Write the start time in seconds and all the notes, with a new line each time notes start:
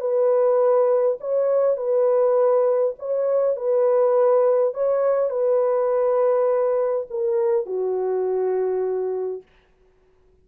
0.00 B4
1.20 C#5
1.77 B4
2.98 C#5
3.56 B4
4.74 C#5
5.30 B4
7.10 A#4
7.66 F#4